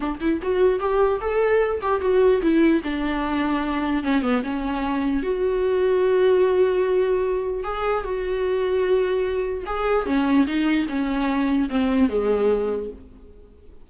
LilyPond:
\new Staff \with { instrumentName = "viola" } { \time 4/4 \tempo 4 = 149 d'8 e'8 fis'4 g'4 a'4~ | a'8 g'8 fis'4 e'4 d'4~ | d'2 cis'8 b8 cis'4~ | cis'4 fis'2.~ |
fis'2. gis'4 | fis'1 | gis'4 cis'4 dis'4 cis'4~ | cis'4 c'4 gis2 | }